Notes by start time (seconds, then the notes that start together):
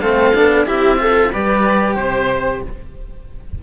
0.00 A3 C4 A4 F5
0.34 B3 D4
0.66 C4 E4 G4 E5
0.98 F4 A4
1.31 G3 G4 B4 D5
1.95 C3 C5